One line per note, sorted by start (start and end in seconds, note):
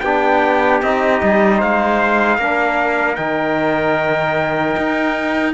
0.00 0.82 B3
0.00 0.84 D4
0.00 1.57 G4
0.00 0.79 G5
0.82 1.22 C4
0.82 2.40 D#4
0.82 1.61 D#5
1.23 1.62 G3
1.57 2.38 G#3
1.57 2.36 C5
1.57 3.16 F5
2.38 3.17 A#3
2.38 3.16 D4
2.38 5.53 A#4
3.16 4.76 D#3
3.16 5.53 D#4
3.16 5.53 G5
4.77 5.54 D#4